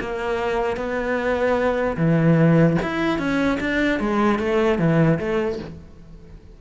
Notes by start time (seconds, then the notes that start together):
0.00 A#3
0.76 B3
1.97 E3
2.82 E4
3.18 C#4
3.60 D4
3.99 G#3
4.39 A3
4.78 E3
5.19 A3